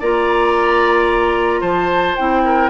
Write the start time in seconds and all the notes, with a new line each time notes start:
0.00 A#3 F4 D5 A#5
1.61 F3 C5 A5
2.16 C4 E4 G5
2.45 A#4